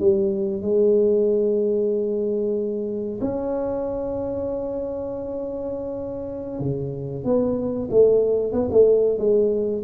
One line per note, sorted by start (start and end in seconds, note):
0.00 0.62 G3
0.62 3.20 G#3
3.21 6.60 C#4
6.60 7.25 C#3
7.25 7.89 B3
7.91 8.53 A3
8.53 8.69 B3
8.71 9.19 A3
9.19 9.83 G#3